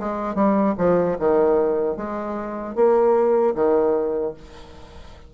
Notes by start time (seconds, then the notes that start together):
0.00 G#3
0.35 G3
0.78 F3
1.19 D#3
1.97 G#3
2.76 A#3
3.55 D#3